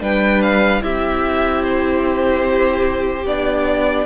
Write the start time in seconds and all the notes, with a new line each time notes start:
0.00 G3 D4 B4 G5
0.42 F5
0.81 C4 E4 G4 E5
1.64 C5
3.26 B3 D4 D5